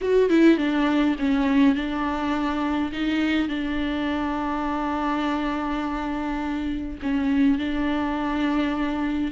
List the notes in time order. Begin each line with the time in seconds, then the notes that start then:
0.01 F#4
0.29 E4
0.57 D4
1.18 C#4
1.75 D4
2.92 D#4
3.48 D4
7.02 C#4
7.58 D4